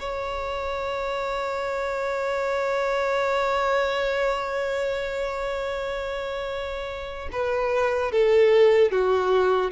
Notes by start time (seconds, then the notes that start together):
0.00 C#5
7.32 B4
8.12 A4
8.92 F#4